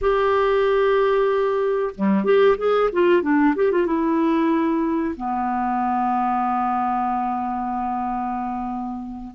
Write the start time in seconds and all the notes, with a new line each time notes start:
0.01 G4
1.95 G3
2.24 G4
2.57 G#4
2.92 F4
3.22 D4
3.55 G4
3.71 F4
3.86 E4
5.16 B3